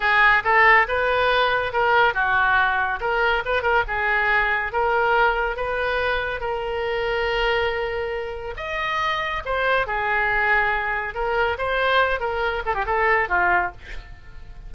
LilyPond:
\new Staff \with { instrumentName = "oboe" } { \time 4/4 \tempo 4 = 140 gis'4 a'4 b'2 | ais'4 fis'2 ais'4 | b'8 ais'8 gis'2 ais'4~ | ais'4 b'2 ais'4~ |
ais'1 | dis''2 c''4 gis'4~ | gis'2 ais'4 c''4~ | c''8 ais'4 a'16 g'16 a'4 f'4 | }